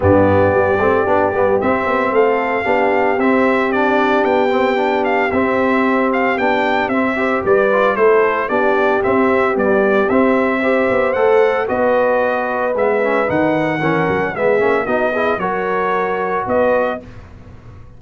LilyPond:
<<
  \new Staff \with { instrumentName = "trumpet" } { \time 4/4 \tempo 4 = 113 d''2. e''4 | f''2 e''4 d''4 | g''4. f''8 e''4. f''8 | g''4 e''4 d''4 c''4 |
d''4 e''4 d''4 e''4~ | e''4 fis''4 dis''2 | e''4 fis''2 e''4 | dis''4 cis''2 dis''4 | }
  \new Staff \with { instrumentName = "horn" } { \time 4/4 g'1 | a'4 g'2.~ | g'1~ | g'4. c''8 b'4 a'4 |
g'1 | c''2 b'2~ | b'2 ais'4 gis'4 | fis'8 gis'8 ais'2 b'4 | }
  \new Staff \with { instrumentName = "trombone" } { \time 4/4 b4. c'8 d'8 b8 c'4~ | c'4 d'4 c'4 d'4~ | d'8 c'8 d'4 c'2 | d'4 c'8 g'4 f'8 e'4 |
d'4 c'4 g4 c'4 | g'4 a'4 fis'2 | b8 cis'8 dis'4 cis'4 b8 cis'8 | dis'8 e'8 fis'2. | }
  \new Staff \with { instrumentName = "tuba" } { \time 4/4 g,4 g8 a8 b8 g8 c'8 b8 | a4 b4 c'2 | b2 c'2 | b4 c'4 g4 a4 |
b4 c'4 b4 c'4~ | c'8 b8 a4 b2 | gis4 dis4 e8 fis8 gis8 ais8 | b4 fis2 b4 | }
>>